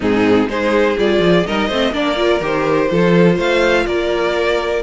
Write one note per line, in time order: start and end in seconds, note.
0.00 0.47 G#2
0.00 0.48 C4
0.00 0.47 D#4
0.00 0.49 G#4
0.47 0.96 G#3
0.47 0.97 D#4
0.47 1.46 G#4
0.47 0.97 C5
0.97 1.19 G3
0.97 1.46 F4
0.97 1.46 D5
1.19 1.43 F3
1.46 1.69 G3
1.46 1.70 D#4
1.46 1.67 A#4
1.46 1.93 D#5
1.67 1.92 A3
1.67 1.92 C4
1.67 1.91 C5
1.92 2.40 A#3
1.92 2.15 D4
1.92 2.90 A#4
1.92 2.42 D5
2.15 2.39 F4
2.40 2.89 D#3
2.40 2.88 G4
2.40 3.39 C5
2.88 3.37 F3
2.88 4.81 F4
2.88 3.35 A4
3.35 3.86 A3
3.35 3.83 C5
3.35 3.86 F5
3.86 4.83 A#3
3.86 4.83 A#4
3.86 4.83 D5